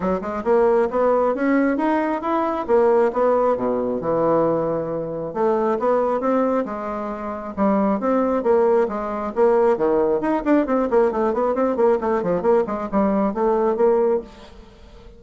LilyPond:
\new Staff \with { instrumentName = "bassoon" } { \time 4/4 \tempo 4 = 135 fis8 gis8 ais4 b4 cis'4 | dis'4 e'4 ais4 b4 | b,4 e2. | a4 b4 c'4 gis4~ |
gis4 g4 c'4 ais4 | gis4 ais4 dis4 dis'8 d'8 | c'8 ais8 a8 b8 c'8 ais8 a8 f8 | ais8 gis8 g4 a4 ais4 | }